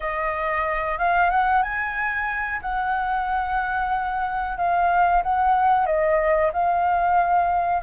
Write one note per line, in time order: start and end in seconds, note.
0.00 0.98 D#5
0.98 1.30 F5
1.30 1.62 F#5
1.62 2.60 G#5
2.61 4.57 F#5
4.57 5.22 F5
5.23 5.86 F#5
5.86 6.51 D#5
6.52 7.82 F5